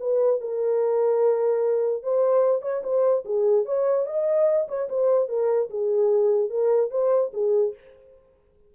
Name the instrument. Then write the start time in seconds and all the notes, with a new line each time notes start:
horn
0.00 B4
0.41 A#4
2.03 C5
2.62 C#5
2.83 C5
3.25 G#4
3.65 C#5
4.06 D#5
4.68 C#5
4.89 C5
5.29 A#4
5.70 G#4
6.50 A#4
6.91 C5
7.34 G#4